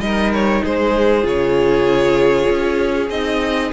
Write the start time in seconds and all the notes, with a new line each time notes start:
0.00 G3 D#4 A#4 D#5
0.33 C#5
0.63 G#3 G#4 C5
1.23 C#3 F4 C#5
2.49 C#4
3.10 C4 D#4 D#5